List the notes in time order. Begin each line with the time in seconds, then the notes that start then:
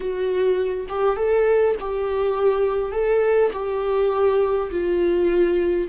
0.00 F#4
0.88 G4
1.16 A4
1.79 G4
2.91 A4
3.52 G4
4.70 F4